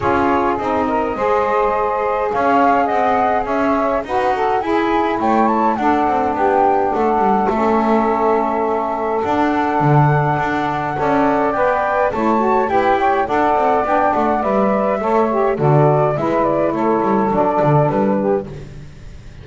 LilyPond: <<
  \new Staff \with { instrumentName = "flute" } { \time 4/4 \tempo 4 = 104 cis''4 dis''2. | f''4 fis''4 e''4 fis''4 | gis''4 g''8 a''8 fis''4 g''4 | fis''4 e''2. |
fis''1 | g''4 a''4 g''4 fis''4 | g''8 fis''8 e''2 d''4 | e''8 d''8 cis''4 d''4 b'4 | }
  \new Staff \with { instrumentName = "saxophone" } { \time 4/4 gis'4. ais'8 c''2 | cis''4 dis''4 cis''4 b'8 a'8 | gis'4 cis''4 a'4 g'4 | a'1~ |
a'2. d''4~ | d''4 cis''4 b'8 cis''8 d''4~ | d''2 cis''4 a'4 | b'4 a'2~ a'8 g'8 | }
  \new Staff \with { instrumentName = "saxophone" } { \time 4/4 f'4 dis'4 gis'2~ | gis'2. fis'4 | e'2 d'2~ | d'4 cis'2. |
d'2. a'4 | b'4 e'8 fis'8 g'4 a'4 | d'4 b'4 a'8 g'8 fis'4 | e'2 d'2 | }
  \new Staff \with { instrumentName = "double bass" } { \time 4/4 cis'4 c'4 gis2 | cis'4 c'4 cis'4 dis'4 | e'4 a4 d'8 c'8 b4 | a8 g8 a2. |
d'4 d4 d'4 cis'4 | b4 a4 e'4 d'8 c'8 | b8 a8 g4 a4 d4 | gis4 a8 g8 fis8 d8 g4 | }
>>